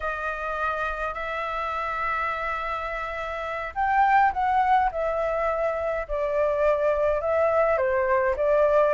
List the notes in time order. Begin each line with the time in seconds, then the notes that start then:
0.00 D#5
1.14 E5
3.74 G5
4.32 F#5
4.91 E5
6.07 D5
7.21 E5
7.77 C5
8.36 D5